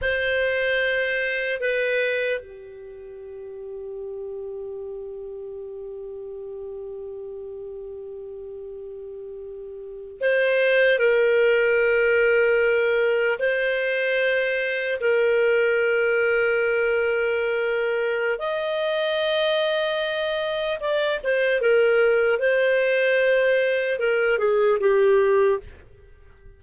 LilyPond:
\new Staff \with { instrumentName = "clarinet" } { \time 4/4 \tempo 4 = 75 c''2 b'4 g'4~ | g'1~ | g'1~ | g'8. c''4 ais'2~ ais'16~ |
ais'8. c''2 ais'4~ ais'16~ | ais'2. dis''4~ | dis''2 d''8 c''8 ais'4 | c''2 ais'8 gis'8 g'4 | }